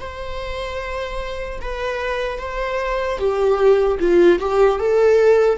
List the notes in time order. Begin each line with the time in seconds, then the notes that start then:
0.00 C5
1.61 B4
2.39 C5
3.19 G4
4.00 F4
4.40 G4
4.80 A4